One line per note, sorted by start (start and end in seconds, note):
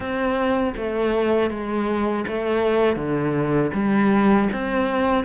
0.00 0.74 C4
0.76 1.50 A3
1.50 2.25 G#3
2.27 2.96 A3
2.96 3.71 D3
3.73 4.48 G3
4.52 5.24 C4